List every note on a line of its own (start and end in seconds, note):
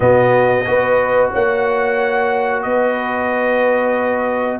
0.00 0.62 B2
0.00 0.65 B3
0.00 0.65 F#4
0.00 1.30 D#5
0.65 1.33 B3
0.65 4.60 F#4
0.65 1.31 B4
1.31 2.64 A#3
1.31 2.63 C#5
1.31 2.62 F#5
2.62 4.60 B3
2.62 4.60 B4
2.62 4.60 D#5